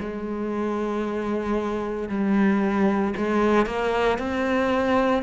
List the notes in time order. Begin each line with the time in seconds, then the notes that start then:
0.00 G#3
2.09 G3
3.17 G#3
3.66 A#3
4.19 C4